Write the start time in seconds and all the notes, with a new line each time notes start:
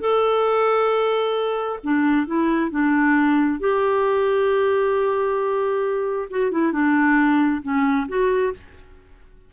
0.00 A4
1.83 D4
2.27 E4
2.70 D4
3.60 G4
6.30 F#4
6.51 E4
6.72 D4
7.62 C#4
8.08 F#4